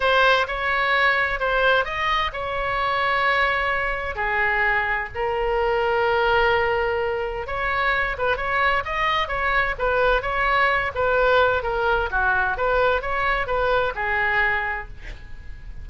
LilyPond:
\new Staff \with { instrumentName = "oboe" } { \time 4/4 \tempo 4 = 129 c''4 cis''2 c''4 | dis''4 cis''2.~ | cis''4 gis'2 ais'4~ | ais'1 |
cis''4. b'8 cis''4 dis''4 | cis''4 b'4 cis''4. b'8~ | b'4 ais'4 fis'4 b'4 | cis''4 b'4 gis'2 | }